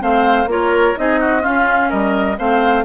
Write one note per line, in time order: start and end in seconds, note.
0.00 0.46 A3
0.00 0.47 C4
0.00 0.50 C5
0.00 0.50 F5
0.46 0.94 A#3
0.46 0.97 F4
0.46 0.99 A#4
0.46 0.98 C#5
0.97 1.46 C4
0.97 1.42 D#4
0.97 1.20 G#4
0.97 1.46 D#5
1.20 1.42 F#4
1.42 2.37 C#4
1.42 1.93 C#4
1.42 1.89 F4
1.42 1.91 F5
1.90 2.39 G3
1.90 2.37 A#4
1.90 2.38 D#5
2.39 2.85 A3
2.39 2.85 C4
2.39 2.85 C5
2.39 2.85 F5